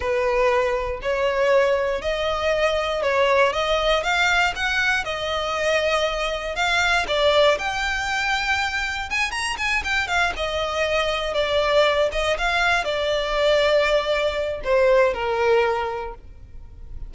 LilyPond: \new Staff \with { instrumentName = "violin" } { \time 4/4 \tempo 4 = 119 b'2 cis''2 | dis''2 cis''4 dis''4 | f''4 fis''4 dis''2~ | dis''4 f''4 d''4 g''4~ |
g''2 gis''8 ais''8 gis''8 g''8 | f''8 dis''2 d''4. | dis''8 f''4 d''2~ d''8~ | d''4 c''4 ais'2 | }